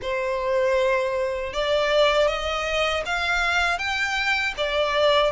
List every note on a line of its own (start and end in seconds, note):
0.01 1.53 C5
1.53 2.27 D5
2.27 3.03 D#5
3.05 3.78 F5
3.78 4.54 G5
4.57 5.31 D5